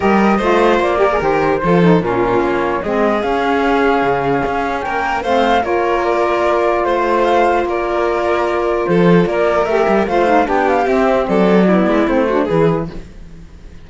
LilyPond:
<<
  \new Staff \with { instrumentName = "flute" } { \time 4/4 \tempo 4 = 149 dis''2 d''4 c''4~ | c''4 ais'4 cis''4 dis''4 | f''1 | g''4 f''4 cis''4 d''4~ |
d''4 c''4 f''4 d''4~ | d''2 c''4 d''4 | e''4 f''4 g''8 f''8 e''4 | d''2 c''4 b'4 | }
  \new Staff \with { instrumentName = "violin" } { \time 4/4 ais'4 c''4. ais'4. | a'4 f'2 gis'4~ | gis'1 | ais'4 c''4 ais'2~ |
ais'4 c''2 ais'4~ | ais'2 a'4 ais'4~ | ais'4 c''4 g'2 | a'4 e'4. fis'8 gis'4 | }
  \new Staff \with { instrumentName = "saxophone" } { \time 4/4 g'4 f'4. g'16 gis'16 g'4 | f'8 dis'8 cis'2 c'4 | cis'1~ | cis'4 c'4 f'2~ |
f'1~ | f'1 | g'4 f'8 dis'8 d'4 c'4~ | c'4 b4 c'8 d'8 e'4 | }
  \new Staff \with { instrumentName = "cello" } { \time 4/4 g4 a4 ais4 dis4 | f4 ais,4 ais4 gis4 | cis'2 cis4 cis'4 | ais4 a4 ais2~ |
ais4 a2 ais4~ | ais2 f4 ais4 | a8 g8 a4 b4 c'4 | fis4. gis8 a4 e4 | }
>>